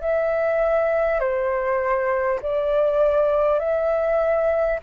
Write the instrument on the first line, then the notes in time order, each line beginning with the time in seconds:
flute
0.00 E5
1.19 C5
2.42 D5
3.59 E5